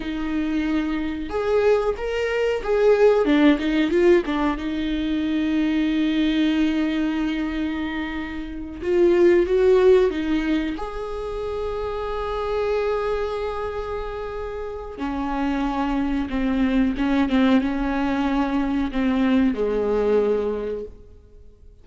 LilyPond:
\new Staff \with { instrumentName = "viola" } { \time 4/4 \tempo 4 = 92 dis'2 gis'4 ais'4 | gis'4 d'8 dis'8 f'8 d'8 dis'4~ | dis'1~ | dis'4. f'4 fis'4 dis'8~ |
dis'8 gis'2.~ gis'8~ | gis'2. cis'4~ | cis'4 c'4 cis'8 c'8 cis'4~ | cis'4 c'4 gis2 | }